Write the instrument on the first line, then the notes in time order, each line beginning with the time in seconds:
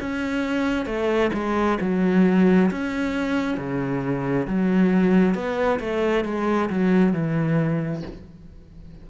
cello
0.00 C#4
0.86 A3
1.34 G#3
1.81 F#3
2.71 C#4
3.57 C#3
4.47 F#3
5.34 B3
5.80 A3
6.24 G#3
6.70 F#3
7.13 E3